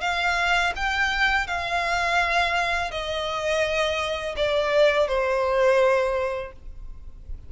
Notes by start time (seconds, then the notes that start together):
0.00 F5
0.75 G5
1.47 F5
2.90 D#5
4.36 D5
5.07 C5